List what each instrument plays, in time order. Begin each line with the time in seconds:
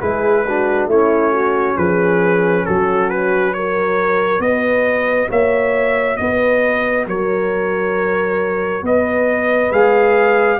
0.00 tuba G#3, trombone E4, horn G#4, trumpet B4
0.45 trombone D4, horn F#4
0.86 tuba A3, trombone C#4, horn E4, trumpet C#5
1.32 horn F#4
1.77 tuba F3, horn G#4, trumpet B4
2.65 tuba F#3, horn F#4, trumpet A4
3.09 trumpet B4
3.53 trombone F#4, horn A#4, trumpet C#5
4.39 tuba B3, horn B4, trumpet D#5
5.29 tuba A#3, horn C#5, trumpet E5
6.16 tuba B3, horn B4, trumpet D#5
7.07 tuba F#3, horn A#4, trumpet C#5
8.82 tuba B3, horn B4, trumpet D#5
9.71 tuba G#3, trombone G#4, trumpet F5